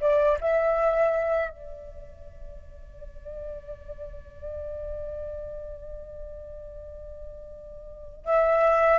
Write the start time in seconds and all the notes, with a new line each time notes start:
0.00 D5
0.41 E5
1.50 D5
8.25 E5